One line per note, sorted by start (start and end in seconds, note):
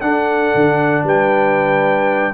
0.00 0.53 D4
0.00 2.33 D4
0.00 1.03 A4
0.00 1.03 F#5
0.54 1.03 D3
1.03 2.32 G3
1.03 2.33 B4
1.03 2.33 G5